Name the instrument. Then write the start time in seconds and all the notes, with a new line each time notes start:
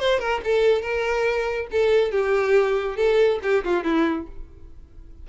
violin
0.00 C5
0.20 A#4
0.44 A4
0.82 A#4
1.72 A4
2.11 G4
2.97 A4
3.43 G4
3.64 F4
3.84 E4